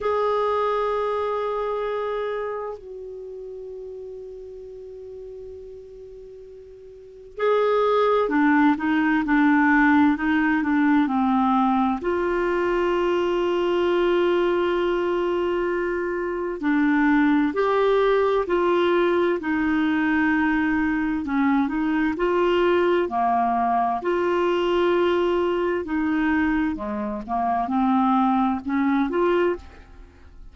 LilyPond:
\new Staff \with { instrumentName = "clarinet" } { \time 4/4 \tempo 4 = 65 gis'2. fis'4~ | fis'1 | gis'4 d'8 dis'8 d'4 dis'8 d'8 | c'4 f'2.~ |
f'2 d'4 g'4 | f'4 dis'2 cis'8 dis'8 | f'4 ais4 f'2 | dis'4 gis8 ais8 c'4 cis'8 f'8 | }